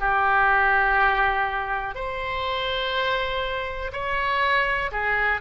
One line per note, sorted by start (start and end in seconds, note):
0.00 1.95 G4
1.95 3.92 C5
3.92 4.90 C#5
4.92 5.41 G#4